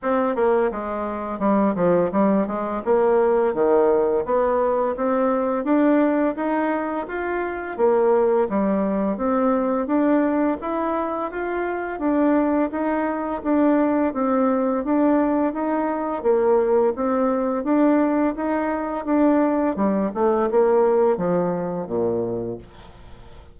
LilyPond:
\new Staff \with { instrumentName = "bassoon" } { \time 4/4 \tempo 4 = 85 c'8 ais8 gis4 g8 f8 g8 gis8 | ais4 dis4 b4 c'4 | d'4 dis'4 f'4 ais4 | g4 c'4 d'4 e'4 |
f'4 d'4 dis'4 d'4 | c'4 d'4 dis'4 ais4 | c'4 d'4 dis'4 d'4 | g8 a8 ais4 f4 ais,4 | }